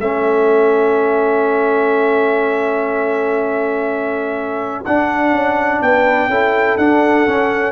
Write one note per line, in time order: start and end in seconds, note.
0.00 4.84 A3
0.00 4.85 C#4
0.00 5.81 A4
0.00 4.84 E5
4.85 5.33 D4
4.85 6.31 D4
4.85 5.82 F#5
5.33 5.81 C#4
5.82 6.28 B3
5.82 6.30 B4
5.82 6.78 G5
6.28 6.77 C#4
6.28 6.79 E4
6.28 7.72 A4
6.78 7.27 D4
6.78 7.72 F#5
7.27 7.72 C#4